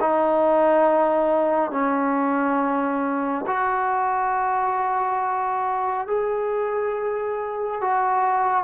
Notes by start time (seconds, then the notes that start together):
0.00 D#4
1.71 C#4
3.46 F#4
6.07 G#4
7.81 F#4